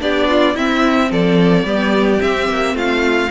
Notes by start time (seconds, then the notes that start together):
0.00 B3 D4 G4 D5
0.28 F4
0.54 C4 E4 E5
1.11 F3 A4 D5
1.64 G3 B3 G4
2.18 C4 E5
2.49 A#3
2.74 A3 F4 F5